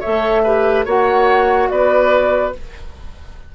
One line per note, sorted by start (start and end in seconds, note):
0.00 0.86 A3
0.00 0.44 A4
0.00 0.42 C#5
0.00 0.84 E5
0.43 0.86 G4
0.43 0.85 B4
0.85 1.69 A#3
0.85 2.52 F#4
0.85 1.69 C#5
0.85 1.69 F#5
1.69 2.54 B3
1.69 2.55 B4
1.69 2.53 D5